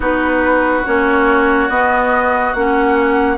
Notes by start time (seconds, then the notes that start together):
0.00 B3 D#4 F#4 B4
0.85 A#3 C#4 C#5
1.69 B3 D#5
2.53 A#3 C#4 F#5